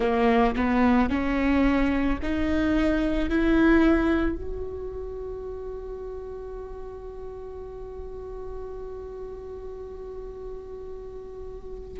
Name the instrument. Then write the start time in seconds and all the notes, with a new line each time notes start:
viola
0.00 A#3
0.55 B3
1.09 C#4
2.22 D#4
3.29 E4
4.35 F#4